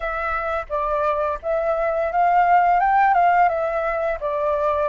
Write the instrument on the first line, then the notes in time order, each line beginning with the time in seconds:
flute
0.00 E5
0.68 D5
1.42 E5
2.12 F5
2.80 G5
3.14 F5
3.49 E5
4.20 D5